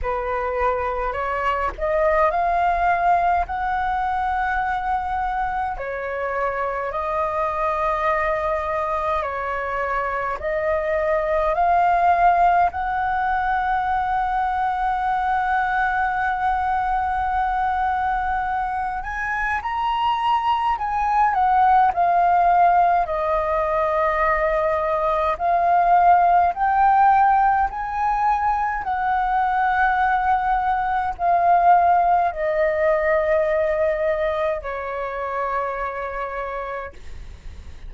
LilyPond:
\new Staff \with { instrumentName = "flute" } { \time 4/4 \tempo 4 = 52 b'4 cis''8 dis''8 f''4 fis''4~ | fis''4 cis''4 dis''2 | cis''4 dis''4 f''4 fis''4~ | fis''1~ |
fis''8 gis''8 ais''4 gis''8 fis''8 f''4 | dis''2 f''4 g''4 | gis''4 fis''2 f''4 | dis''2 cis''2 | }